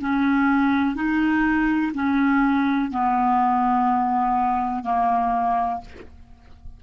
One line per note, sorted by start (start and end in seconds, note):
0.00 0.95 C#4
0.95 1.92 D#4
1.94 2.91 C#4
2.91 4.84 B3
4.84 5.81 A#3